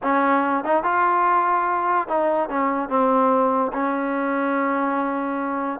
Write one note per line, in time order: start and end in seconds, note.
0.02 0.64 C#4
0.64 0.83 D#4
0.83 2.07 F4
2.07 2.49 D#4
2.49 2.89 C#4
2.89 3.72 C4
3.73 5.79 C#4